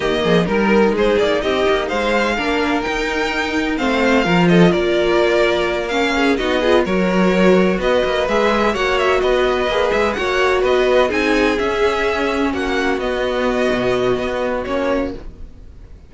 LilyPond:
<<
  \new Staff \with { instrumentName = "violin" } { \time 4/4 \tempo 4 = 127 dis''4 ais'4 c''8 d''8 dis''4 | f''2 g''2 | f''4. dis''8 d''2~ | d''8 f''4 dis''4 cis''4.~ |
cis''8 dis''4 e''4 fis''8 e''8 dis''8~ | dis''4 e''8 fis''4 dis''4 gis''8~ | gis''8 e''2 fis''4 dis''8~ | dis''2. cis''4 | }
  \new Staff \with { instrumentName = "violin" } { \time 4/4 g'8 gis'8 ais'4 gis'4 g'4 | c''4 ais'2. | c''4 ais'8 a'8 ais'2~ | ais'4 gis'8 fis'8 gis'8 ais'4.~ |
ais'8 b'2 cis''4 b'8~ | b'4. cis''4 b'4 gis'8~ | gis'2~ gis'8 fis'4.~ | fis'1 | }
  \new Staff \with { instrumentName = "viola" } { \time 4/4 ais4 dis'2.~ | dis'4 d'4 dis'2 | c'4 f'2.~ | f'8 cis'4 dis'8 f'8 fis'4.~ |
fis'4. gis'4 fis'4.~ | fis'8 gis'4 fis'2 dis'8~ | dis'8 cis'2. b8~ | b2. cis'4 | }
  \new Staff \with { instrumentName = "cello" } { \time 4/4 dis8 f8 g4 gis8 ais8 c'8 ais8 | gis4 ais4 dis'2 | a4 f4 ais2~ | ais4. b4 fis4.~ |
fis8 b8 ais8 gis4 ais4 b8~ | b8 ais8 gis8 ais4 b4 c'8~ | c'8 cis'2 ais4 b8~ | b4 b,4 b4 ais4 | }
>>